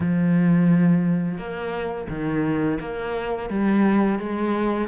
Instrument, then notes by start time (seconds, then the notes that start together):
cello
0.00 F3
1.38 A#3
2.09 D#3
2.80 A#3
3.49 G3
4.19 G#3